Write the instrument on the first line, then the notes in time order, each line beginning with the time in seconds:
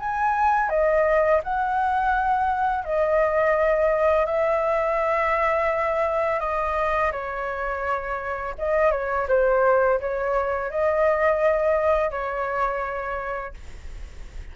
flute
0.00 G#5
0.70 D#5
1.44 F#5
2.85 D#5
4.26 E5
6.40 D#5
7.12 C#5
8.59 D#5
8.92 C#5
9.29 C5
10.01 C#5
10.71 D#5
12.11 C#5